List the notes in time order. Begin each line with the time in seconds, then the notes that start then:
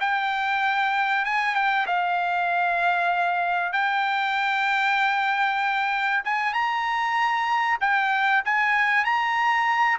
0.00 G5
1.25 G#5
1.55 G5
1.86 F5
3.72 G5
6.24 G#5
6.53 A#5
7.80 G5
8.45 G#5
9.04 A#5